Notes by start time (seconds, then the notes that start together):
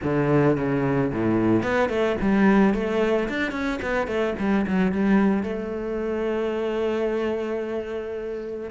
0.03 D3
0.57 C#3
1.12 A2
1.62 B3
1.89 A3
2.21 G3
2.73 A3
3.29 D4
3.51 C#4
3.82 B3
4.07 A3
4.38 G3
4.66 F#3
4.92 G3
5.43 A3